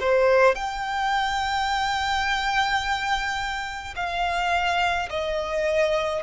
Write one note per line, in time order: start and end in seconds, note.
0.00 0.55 C5
0.55 3.95 G5
3.96 5.09 F5
5.10 6.23 D#5